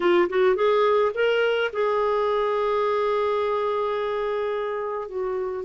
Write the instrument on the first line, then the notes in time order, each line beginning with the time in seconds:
clarinet
0.00 F4
0.29 F#4
0.55 G#4
1.14 A#4
1.73 G#4
5.07 F#4